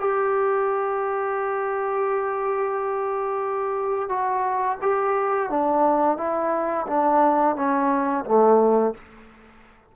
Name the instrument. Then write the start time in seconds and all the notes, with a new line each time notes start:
trombone
0.00 G4
4.09 F#4
4.82 G4
5.50 D4
6.18 E4
6.87 D4
7.56 C#4
8.25 A3